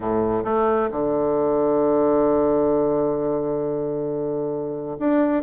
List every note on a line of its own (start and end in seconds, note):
0.00 0.43 A2
0.44 0.89 A3
0.90 4.96 D3
4.99 5.42 D4